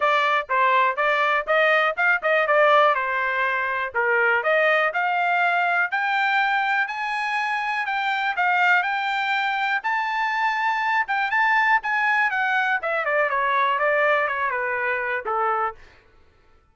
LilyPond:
\new Staff \with { instrumentName = "trumpet" } { \time 4/4 \tempo 4 = 122 d''4 c''4 d''4 dis''4 | f''8 dis''8 d''4 c''2 | ais'4 dis''4 f''2 | g''2 gis''2 |
g''4 f''4 g''2 | a''2~ a''8 g''8 a''4 | gis''4 fis''4 e''8 d''8 cis''4 | d''4 cis''8 b'4. a'4 | }